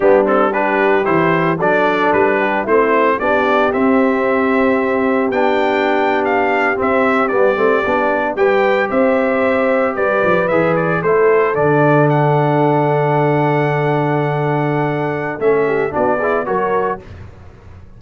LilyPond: <<
  \new Staff \with { instrumentName = "trumpet" } { \time 4/4 \tempo 4 = 113 g'8 a'8 b'4 c''4 d''4 | b'4 c''4 d''4 e''4~ | e''2 g''4.~ g''16 f''16~ | f''8. e''4 d''2 g''16~ |
g''8. e''2 d''4 e''16~ | e''16 d''8 c''4 d''4 fis''4~ fis''16~ | fis''1~ | fis''4 e''4 d''4 cis''4 | }
  \new Staff \with { instrumentName = "horn" } { \time 4/4 d'4 g'2 a'4~ | a'8 g'8 e'4 g'2~ | g'1~ | g'2.~ g'8. b'16~ |
b'8. c''2 b'4~ b'16~ | b'8. a'2.~ a'16~ | a'1~ | a'4. g'8 fis'8 gis'8 ais'4 | }
  \new Staff \with { instrumentName = "trombone" } { \time 4/4 b8 c'8 d'4 e'4 d'4~ | d'4 c'4 d'4 c'4~ | c'2 d'2~ | d'8. c'4 b8 c'8 d'4 g'16~ |
g'2.~ g'8. gis'16~ | gis'8. e'4 d'2~ d'16~ | d'1~ | d'4 cis'4 d'8 e'8 fis'4 | }
  \new Staff \with { instrumentName = "tuba" } { \time 4/4 g2 e4 fis4 | g4 a4 b4 c'4~ | c'2 b2~ | b8. c'4 g8 a8 b4 g16~ |
g8. c'2 g8 f8 e16~ | e8. a4 d2~ d16~ | d1~ | d4 a4 b4 fis4 | }
>>